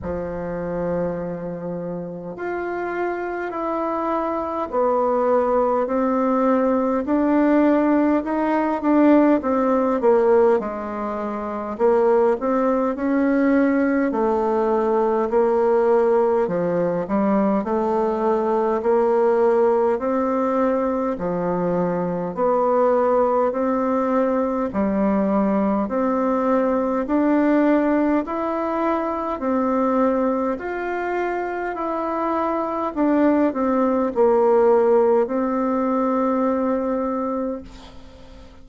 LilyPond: \new Staff \with { instrumentName = "bassoon" } { \time 4/4 \tempo 4 = 51 f2 f'4 e'4 | b4 c'4 d'4 dis'8 d'8 | c'8 ais8 gis4 ais8 c'8 cis'4 | a4 ais4 f8 g8 a4 |
ais4 c'4 f4 b4 | c'4 g4 c'4 d'4 | e'4 c'4 f'4 e'4 | d'8 c'8 ais4 c'2 | }